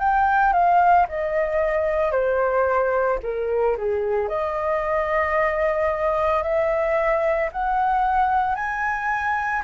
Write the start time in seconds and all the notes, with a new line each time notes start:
0.00 G5
0.54 F5
1.09 D#5
2.12 C5
3.23 A#4
3.78 G#4
4.29 D#5
6.43 E5
7.52 F#5
8.56 G#5